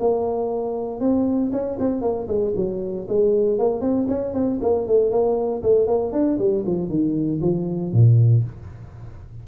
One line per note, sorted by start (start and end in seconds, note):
0.00 1.00 A#3
1.00 1.52 C4
1.52 1.78 C#4
1.80 2.02 C4
2.02 2.27 A#3
2.28 2.54 G#3
2.56 3.07 F#3
3.09 3.59 G#3
3.59 3.81 A#3
3.81 4.07 C4
4.09 4.34 C#4
4.34 4.60 C4
4.62 4.87 A#3
4.87 5.11 A3
5.11 5.62 A#3
5.63 5.87 A3
5.87 6.13 A#3
6.13 6.38 D4
6.39 6.64 G3
6.67 6.90 F3
6.90 7.41 D#3
7.42 7.93 F3
7.93 8.44 A#2